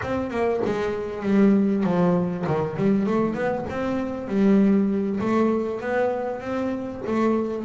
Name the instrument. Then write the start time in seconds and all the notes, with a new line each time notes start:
double bass
0.02 C4
0.30 A#3
0.65 G#3
1.22 G3
1.83 F3
2.47 D#3
2.76 G3
3.06 A3
3.34 B3
3.69 C4
4.27 G3
5.20 A3
5.80 B3
6.40 C4
7.06 A3